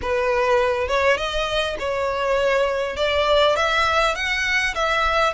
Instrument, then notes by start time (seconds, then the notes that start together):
violin
0.01 B4
0.88 C#5
1.17 D#5
1.79 C#5
2.96 D5
3.55 E5
4.14 F#5
4.74 E5